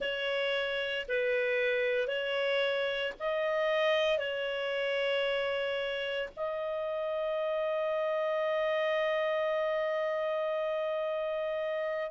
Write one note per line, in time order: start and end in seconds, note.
0.00 1.05 C#5
1.08 2.07 B4
2.07 3.12 C#5
3.19 4.18 D#5
4.18 6.29 C#5
6.36 12.11 D#5